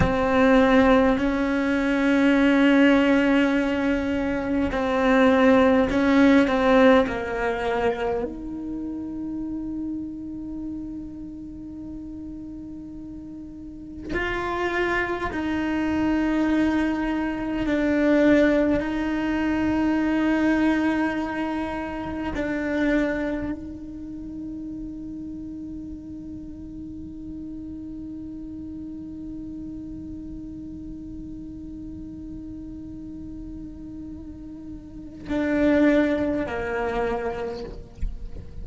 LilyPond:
\new Staff \with { instrumentName = "cello" } { \time 4/4 \tempo 4 = 51 c'4 cis'2. | c'4 cis'8 c'8 ais4 dis'4~ | dis'1 | f'4 dis'2 d'4 |
dis'2. d'4 | dis'1~ | dis'1~ | dis'2 d'4 ais4 | }